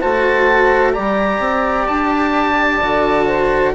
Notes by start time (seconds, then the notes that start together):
0.00 A3 F#4 C5 A5
0.93 G3 G4 D5 A#5
1.39 C4
1.88 D4 A5
2.81 D3 F#4
3.27 C5